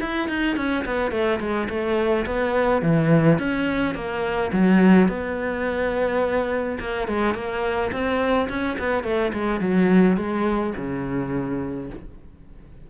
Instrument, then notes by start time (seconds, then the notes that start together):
cello
0.00 E4
0.28 D#4
0.56 C#4
0.85 B3
1.11 A3
1.39 G#3
1.69 A3
2.26 B3
2.82 E3
3.38 C#4
3.94 A#3
4.52 F#3
5.08 B3
6.79 A#3
7.07 G#3
7.34 A#3
7.92 C4
8.49 C#4
8.79 B3
9.03 A3
9.33 G#3
9.60 F#3
10.17 G#3
10.76 C#3